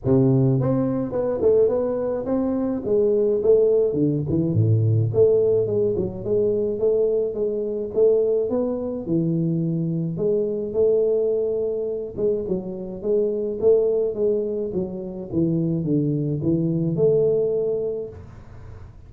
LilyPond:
\new Staff \with { instrumentName = "tuba" } { \time 4/4 \tempo 4 = 106 c4 c'4 b8 a8 b4 | c'4 gis4 a4 d8 e8 | a,4 a4 gis8 fis8 gis4 | a4 gis4 a4 b4 |
e2 gis4 a4~ | a4. gis8 fis4 gis4 | a4 gis4 fis4 e4 | d4 e4 a2 | }